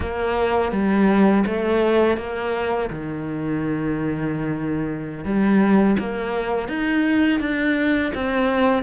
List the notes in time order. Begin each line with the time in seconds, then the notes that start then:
0.00 A#3
0.72 G3
1.46 A3
2.17 A#3
2.89 D#3
5.24 G3
5.99 A#3
6.68 D#4
7.40 D4
8.14 C4